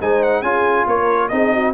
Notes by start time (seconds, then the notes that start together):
0.00 G#3 D#4 C5 G#5
0.22 F#5
0.42 C#4 F4 G#4 G#5
0.85 A#3 A#4 C#5
1.28 C4 D#4 G#4 D#5
1.53 F#4